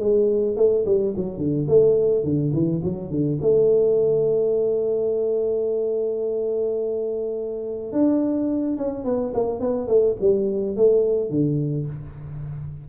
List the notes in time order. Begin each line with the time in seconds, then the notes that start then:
0.00 G#3
0.57 A3
0.86 G3
1.17 F#3
1.38 D3
1.69 A3
2.24 D3
2.53 E3
2.84 F#3
3.11 D3
3.42 A3
7.93 D4
8.78 C#4
9.05 B3
9.34 A#3
9.60 B3
9.88 A3
10.21 G3
10.77 A3
11.30 D3